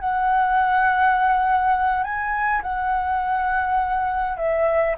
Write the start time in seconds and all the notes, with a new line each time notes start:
0.00 F#5
2.04 G#5
2.63 F#5
4.38 E5